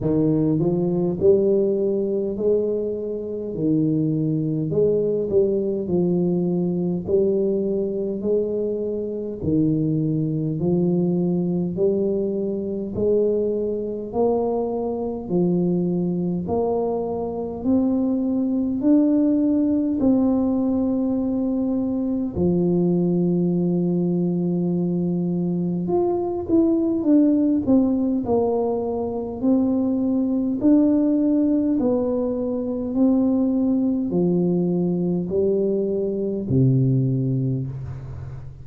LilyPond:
\new Staff \with { instrumentName = "tuba" } { \time 4/4 \tempo 4 = 51 dis8 f8 g4 gis4 dis4 | gis8 g8 f4 g4 gis4 | dis4 f4 g4 gis4 | ais4 f4 ais4 c'4 |
d'4 c'2 f4~ | f2 f'8 e'8 d'8 c'8 | ais4 c'4 d'4 b4 | c'4 f4 g4 c4 | }